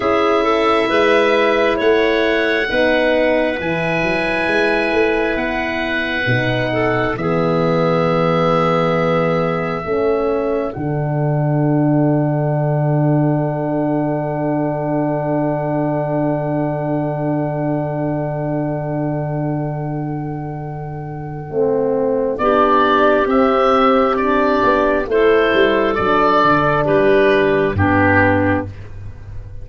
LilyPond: <<
  \new Staff \with { instrumentName = "oboe" } { \time 4/4 \tempo 4 = 67 e''2 fis''2 | gis''2 fis''2 | e''1 | fis''1~ |
fis''1~ | fis''1~ | fis''4 d''4 e''4 d''4 | c''4 d''4 b'4 g'4 | }
  \new Staff \with { instrumentName = "clarinet" } { \time 4/4 gis'8 a'8 b'4 cis''4 b'4~ | b'2.~ b'8 a'8 | gis'2. a'4~ | a'1~ |
a'1~ | a'1~ | a'4 g'2. | a'2 g'4 d'4 | }
  \new Staff \with { instrumentName = "horn" } { \time 4/4 e'2. dis'4 | e'2. dis'4 | b2. cis'4 | d'1~ |
d'1~ | d'1 | c'4 d'4 c'4 d'4 | e'4 d'2 b4 | }
  \new Staff \with { instrumentName = "tuba" } { \time 4/4 cis'4 gis4 a4 b4 | e8 fis8 gis8 a8 b4 b,4 | e2. a4 | d1~ |
d1~ | d1 | a4 b4 c'4. b8 | a8 g8 fis8 d8 g4 g,4 | }
>>